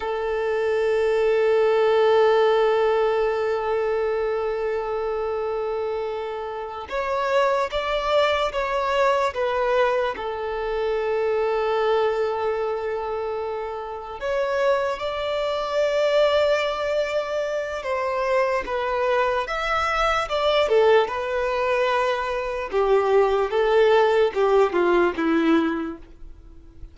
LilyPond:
\new Staff \with { instrumentName = "violin" } { \time 4/4 \tempo 4 = 74 a'1~ | a'1~ | a'8 cis''4 d''4 cis''4 b'8~ | b'8 a'2.~ a'8~ |
a'4. cis''4 d''4.~ | d''2 c''4 b'4 | e''4 d''8 a'8 b'2 | g'4 a'4 g'8 f'8 e'4 | }